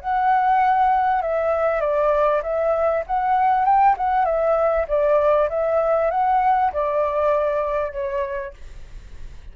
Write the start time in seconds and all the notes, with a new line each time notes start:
0.00 F#5
1.22 E5
1.80 D5
2.42 E5
3.06 F#5
3.65 G5
3.97 F#5
4.25 E5
4.88 D5
5.49 E5
6.10 F#5
6.73 D5
7.92 C#5